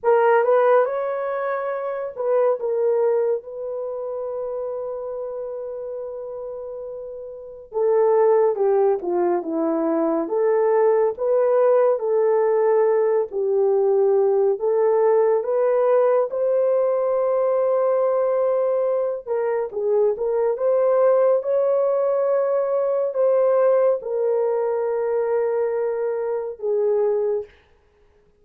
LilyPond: \new Staff \with { instrumentName = "horn" } { \time 4/4 \tempo 4 = 70 ais'8 b'8 cis''4. b'8 ais'4 | b'1~ | b'4 a'4 g'8 f'8 e'4 | a'4 b'4 a'4. g'8~ |
g'4 a'4 b'4 c''4~ | c''2~ c''8 ais'8 gis'8 ais'8 | c''4 cis''2 c''4 | ais'2. gis'4 | }